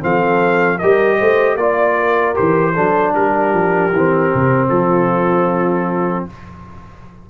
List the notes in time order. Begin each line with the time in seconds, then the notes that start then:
0.00 F3 C4 A4 F5
0.78 G3 G4 A#4 D#5
1.18 A3 C5
1.56 A#3 F4 D5
1.99 A#4
2.34 E3 G4 C5
2.73 F#3 D4 A4
3.14 G3 G4 A#4
3.53 F3
3.92 E3 C4
4.34 C3
4.69 F3 F4 A4